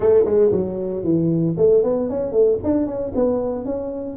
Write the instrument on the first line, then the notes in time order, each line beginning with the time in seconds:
tuba
0.00 A3
0.25 G#3
0.51 F#3
1.03 E3
1.57 A3
1.83 B3
2.09 C#4
2.32 A3
2.63 D4
2.86 C#4
3.15 B3
3.65 C#4